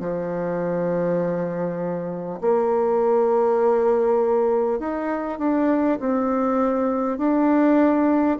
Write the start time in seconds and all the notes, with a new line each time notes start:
0.00 F3
2.41 A#3
4.79 D#4
5.38 D4
6.00 C4
7.18 D4